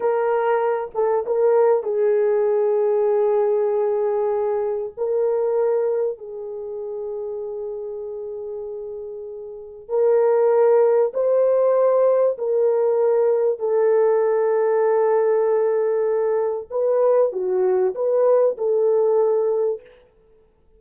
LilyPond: \new Staff \with { instrumentName = "horn" } { \time 4/4 \tempo 4 = 97 ais'4. a'8 ais'4 gis'4~ | gis'1 | ais'2 gis'2~ | gis'1 |
ais'2 c''2 | ais'2 a'2~ | a'2. b'4 | fis'4 b'4 a'2 | }